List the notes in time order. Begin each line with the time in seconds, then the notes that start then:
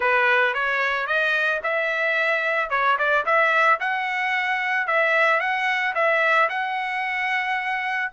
0.00 B4
0.54 C#5
1.06 D#5
1.63 E5
2.70 C#5
2.98 D5
3.25 E5
3.80 F#5
4.87 E5
5.40 F#5
5.94 E5
6.49 F#5